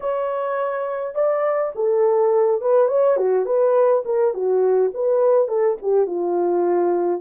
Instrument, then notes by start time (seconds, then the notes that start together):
horn
0.00 C#5
1.14 D5
1.75 A4
2.61 B4
2.88 C#5
3.16 F#4
3.45 B4
4.05 A#4
4.34 F#4
4.94 B4
5.48 A4
5.81 G4
6.06 F4